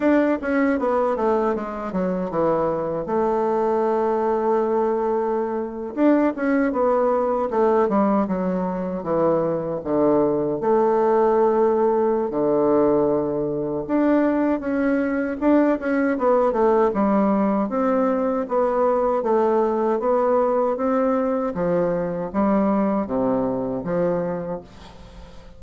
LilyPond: \new Staff \with { instrumentName = "bassoon" } { \time 4/4 \tempo 4 = 78 d'8 cis'8 b8 a8 gis8 fis8 e4 | a2.~ a8. d'16~ | d'16 cis'8 b4 a8 g8 fis4 e16~ | e8. d4 a2~ a16 |
d2 d'4 cis'4 | d'8 cis'8 b8 a8 g4 c'4 | b4 a4 b4 c'4 | f4 g4 c4 f4 | }